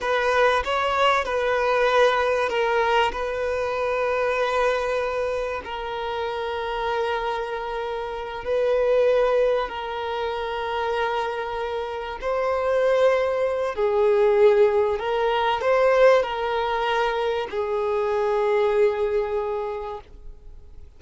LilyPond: \new Staff \with { instrumentName = "violin" } { \time 4/4 \tempo 4 = 96 b'4 cis''4 b'2 | ais'4 b'2.~ | b'4 ais'2.~ | ais'4. b'2 ais'8~ |
ais'2.~ ais'8 c''8~ | c''2 gis'2 | ais'4 c''4 ais'2 | gis'1 | }